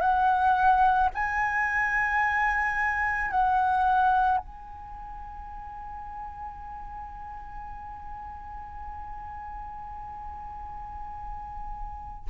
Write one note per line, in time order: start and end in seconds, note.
0.00 1.09 F#5
1.15 3.31 G#5
3.31 4.38 F#5
4.38 12.29 G#5